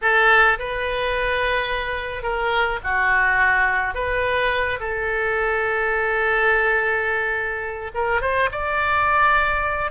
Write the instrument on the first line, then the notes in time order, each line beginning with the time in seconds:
oboe
0.01 A4
0.58 B4
2.22 A#4
2.83 F#4
3.94 B4
4.80 A4
7.94 A#4
8.21 C5
8.51 D5